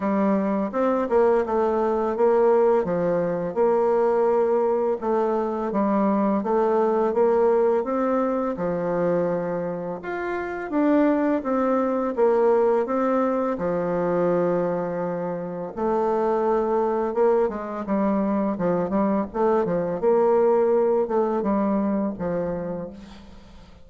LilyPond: \new Staff \with { instrumentName = "bassoon" } { \time 4/4 \tempo 4 = 84 g4 c'8 ais8 a4 ais4 | f4 ais2 a4 | g4 a4 ais4 c'4 | f2 f'4 d'4 |
c'4 ais4 c'4 f4~ | f2 a2 | ais8 gis8 g4 f8 g8 a8 f8 | ais4. a8 g4 f4 | }